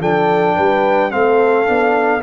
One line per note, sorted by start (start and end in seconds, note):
0.00 0.56 F3
0.00 1.10 D4
0.00 0.56 A4
0.00 1.11 G5
0.56 1.13 G3
0.56 1.11 B4
1.10 1.69 A3
1.10 1.65 C4
1.10 2.23 A4
1.10 2.22 F5
1.65 2.23 B3
1.65 2.21 D4